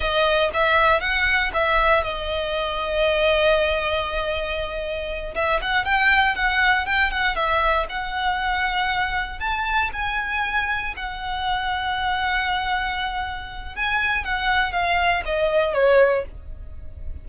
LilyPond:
\new Staff \with { instrumentName = "violin" } { \time 4/4 \tempo 4 = 118 dis''4 e''4 fis''4 e''4 | dis''1~ | dis''2~ dis''8 e''8 fis''8 g''8~ | g''8 fis''4 g''8 fis''8 e''4 fis''8~ |
fis''2~ fis''8 a''4 gis''8~ | gis''4. fis''2~ fis''8~ | fis''2. gis''4 | fis''4 f''4 dis''4 cis''4 | }